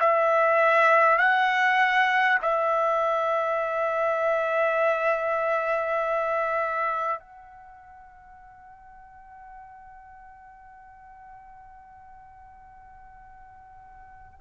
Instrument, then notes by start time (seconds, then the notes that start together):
trumpet
0.00 E5
1.18 F#5
2.42 E5
7.19 F#5